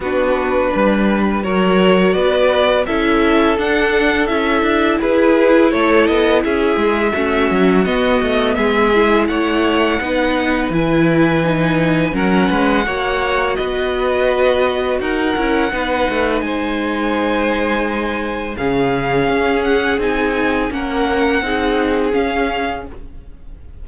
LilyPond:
<<
  \new Staff \with { instrumentName = "violin" } { \time 4/4 \tempo 4 = 84 b'2 cis''4 d''4 | e''4 fis''4 e''4 b'4 | cis''8 dis''8 e''2 dis''4 | e''4 fis''2 gis''4~ |
gis''4 fis''2 dis''4~ | dis''4 fis''2 gis''4~ | gis''2 f''4. fis''8 | gis''4 fis''2 f''4 | }
  \new Staff \with { instrumentName = "violin" } { \time 4/4 fis'4 b'4 ais'4 b'4 | a'2. gis'4 | a'4 gis'4 fis'2 | gis'4 cis''4 b'2~ |
b'4 ais'8 b'8 cis''4 b'4~ | b'4 ais'4 b'4 c''4~ | c''2 gis'2~ | gis'4 ais'4 gis'2 | }
  \new Staff \with { instrumentName = "viola" } { \time 4/4 d'2 fis'2 | e'4 d'4 e'2~ | e'2 cis'4 b4~ | b8 e'4. dis'4 e'4 |
dis'4 cis'4 fis'2~ | fis'4. e'8 dis'2~ | dis'2 cis'2 | dis'4 cis'4 dis'4 cis'4 | }
  \new Staff \with { instrumentName = "cello" } { \time 4/4 b4 g4 fis4 b4 | cis'4 d'4 cis'8 d'8 e'4 | a8 b8 cis'8 gis8 a8 fis8 b8 a8 | gis4 a4 b4 e4~ |
e4 fis8 gis8 ais4 b4~ | b4 dis'8 cis'8 b8 a8 gis4~ | gis2 cis4 cis'4 | c'4 ais4 c'4 cis'4 | }
>>